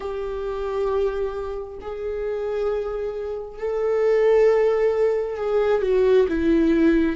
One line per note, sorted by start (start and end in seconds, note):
0.00 1.77 G4
1.81 3.58 G#4
3.58 5.37 A4
5.37 5.82 G#4
5.82 6.26 F#4
6.28 7.16 E4